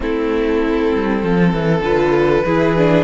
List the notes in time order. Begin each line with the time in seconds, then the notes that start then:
0.00 A3 C4 E4 A4
0.94 G3
1.22 F3 A4
1.53 E3
1.81 D3 F4 B4
2.45 E3 E4 G#4
2.77 D4